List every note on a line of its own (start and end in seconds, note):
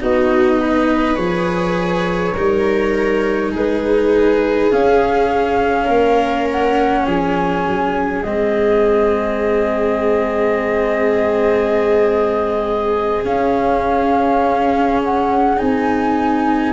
0.00 1.17 B3
0.00 1.15 D#4
0.00 0.60 F#4
0.00 1.15 D#5
0.60 2.35 B4
1.15 2.34 F3
1.15 2.33 G#4
1.15 3.50 C#5
2.35 3.52 G3
2.35 4.71 D#4
2.35 3.51 A#4
3.51 4.71 G#3
3.51 5.85 G#4
3.51 4.72 B4
4.71 8.24 C#4
4.71 5.88 C#4
4.71 6.48 F5
5.85 7.06 A#3
5.85 7.02 A#4
6.50 7.06 F#5
7.05 7.65 F3
7.05 16.73 G#4
7.05 8.23 G#5
7.66 8.23 F#3
8.23 13.23 G#3
8.23 13.25 C4
8.23 13.23 D#5
13.24 15.60 C#4
13.24 15.57 C#4
13.24 15.01 F5
15.03 15.58 F#5
15.57 16.73 C4
15.57 16.73 D#4
15.57 16.73 G#5